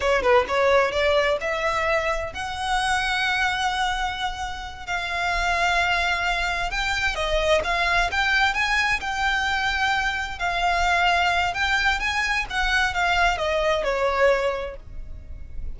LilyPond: \new Staff \with { instrumentName = "violin" } { \time 4/4 \tempo 4 = 130 cis''8 b'8 cis''4 d''4 e''4~ | e''4 fis''2.~ | fis''2~ fis''8 f''4.~ | f''2~ f''8 g''4 dis''8~ |
dis''8 f''4 g''4 gis''4 g''8~ | g''2~ g''8 f''4.~ | f''4 g''4 gis''4 fis''4 | f''4 dis''4 cis''2 | }